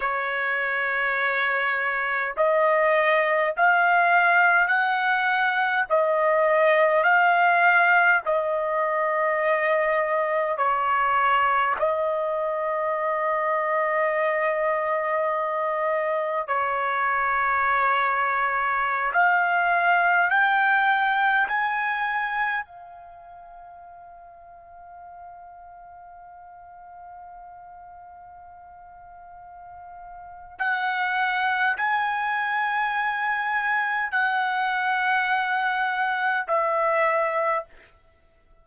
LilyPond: \new Staff \with { instrumentName = "trumpet" } { \time 4/4 \tempo 4 = 51 cis''2 dis''4 f''4 | fis''4 dis''4 f''4 dis''4~ | dis''4 cis''4 dis''2~ | dis''2 cis''2~ |
cis''16 f''4 g''4 gis''4 f''8.~ | f''1~ | f''2 fis''4 gis''4~ | gis''4 fis''2 e''4 | }